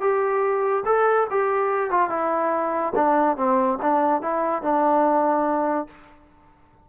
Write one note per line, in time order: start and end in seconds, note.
0.00 0.83 G4
0.85 1.27 A4
1.30 1.90 G4
1.90 2.09 F4
2.09 2.93 E4
2.95 3.36 D4
3.36 3.78 C4
3.81 4.21 D4
4.21 4.62 E4
4.62 5.87 D4